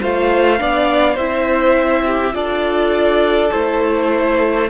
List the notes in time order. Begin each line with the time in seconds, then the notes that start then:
0.00 A3 F4 C5 F5
0.59 B3 D4 D5
1.14 C4 E4 C5 E5
2.06 G4
2.32 D4 F4 A4 D5
3.52 A3 E4 C5